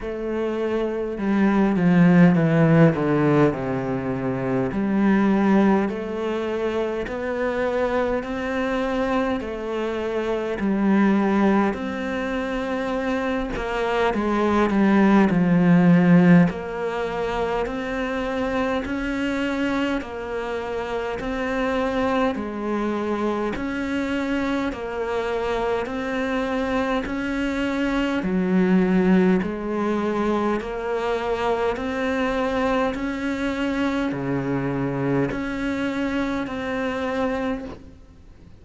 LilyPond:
\new Staff \with { instrumentName = "cello" } { \time 4/4 \tempo 4 = 51 a4 g8 f8 e8 d8 c4 | g4 a4 b4 c'4 | a4 g4 c'4. ais8 | gis8 g8 f4 ais4 c'4 |
cis'4 ais4 c'4 gis4 | cis'4 ais4 c'4 cis'4 | fis4 gis4 ais4 c'4 | cis'4 cis4 cis'4 c'4 | }